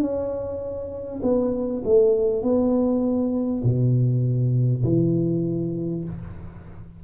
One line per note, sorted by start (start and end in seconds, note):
0.00 1.20 C#4
1.22 1.82 B3
1.84 2.42 A3
2.42 3.62 B3
3.63 4.83 B2
4.84 6.04 E3